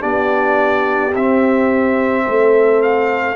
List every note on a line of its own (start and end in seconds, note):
0.00 1.14 B3
0.00 1.11 D4
0.00 2.23 G4
0.00 1.13 D5
1.15 2.26 C4
1.15 3.35 C4
1.15 2.82 E5
2.26 3.35 A3
2.26 3.35 A4
2.82 3.35 F5